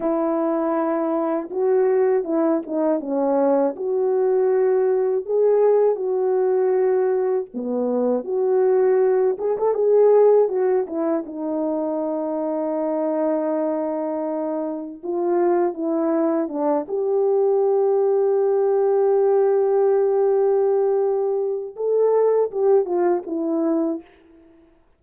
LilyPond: \new Staff \with { instrumentName = "horn" } { \time 4/4 \tempo 4 = 80 e'2 fis'4 e'8 dis'8 | cis'4 fis'2 gis'4 | fis'2 b4 fis'4~ | fis'8 gis'16 a'16 gis'4 fis'8 e'8 dis'4~ |
dis'1 | f'4 e'4 d'8 g'4.~ | g'1~ | g'4 a'4 g'8 f'8 e'4 | }